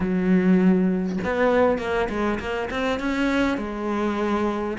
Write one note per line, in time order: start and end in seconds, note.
0.00 1.18 F#3
1.24 1.78 B3
1.78 2.08 A#3
2.09 2.39 G#3
2.39 2.69 A#3
2.70 2.99 C4
2.99 3.57 C#4
3.57 4.77 G#3